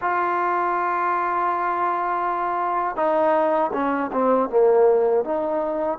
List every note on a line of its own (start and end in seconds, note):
0.01 2.96 F4
2.96 3.71 D#4
3.73 4.10 C#4
4.12 4.49 C4
4.49 5.24 A#3
5.24 5.98 D#4